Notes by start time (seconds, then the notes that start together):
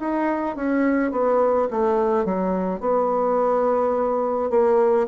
0.00 D#4
0.56 C#4
1.12 B3
1.71 A3
2.25 F#3
2.80 B3
4.50 A#3